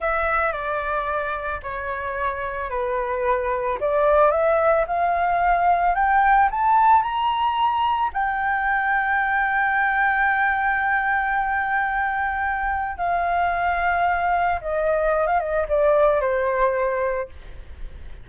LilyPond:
\new Staff \with { instrumentName = "flute" } { \time 4/4 \tempo 4 = 111 e''4 d''2 cis''4~ | cis''4 b'2 d''4 | e''4 f''2 g''4 | a''4 ais''2 g''4~ |
g''1~ | g''1 | f''2. dis''4~ | dis''16 f''16 dis''8 d''4 c''2 | }